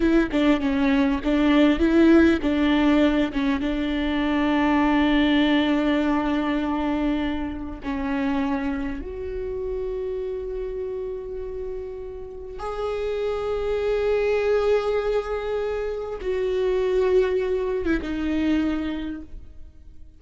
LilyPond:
\new Staff \with { instrumentName = "viola" } { \time 4/4 \tempo 4 = 100 e'8 d'8 cis'4 d'4 e'4 | d'4. cis'8 d'2~ | d'1~ | d'4 cis'2 fis'4~ |
fis'1~ | fis'4 gis'2.~ | gis'2. fis'4~ | fis'4.~ fis'16 e'16 dis'2 | }